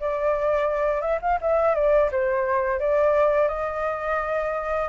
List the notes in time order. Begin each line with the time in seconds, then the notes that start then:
0.00 D5
1.01 E5
1.22 F5
1.41 E5
1.75 D5
2.12 C5
2.79 D5
3.48 D#5